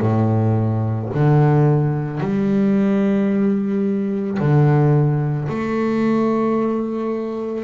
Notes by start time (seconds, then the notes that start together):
0.00 A2
1.14 D3
2.20 G3
4.39 D3
5.48 A3